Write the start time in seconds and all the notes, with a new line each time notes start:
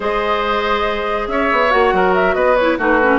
0.00 G#3 G#4 C5 D#5
1.27 C#4 C#5 E5
1.52 B3
1.69 A#3 F#4 F#5
1.92 F#3 A#4
2.13 E5
2.34 B3 B4 D#5
2.56 E4 C#5
2.77 A3 D#4 F#4 B4
3.01 C#4